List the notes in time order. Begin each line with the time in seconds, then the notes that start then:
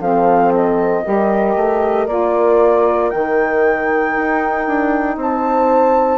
0.00 F3 C4 A4 F5
0.54 D#5
1.04 G3 G4 A#4
1.56 A3
2.07 A#3 F4 D5
3.10 D#3 D#4 G5
4.16 D#4
4.67 D4
5.17 C4 C5 A5